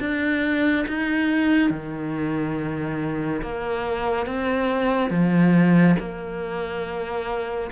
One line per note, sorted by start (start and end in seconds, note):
0.00 0.86 D4
0.88 1.70 D#4
1.70 3.41 D#3
3.42 4.26 A#3
4.26 5.10 C4
5.10 5.96 F3
5.99 7.70 A#3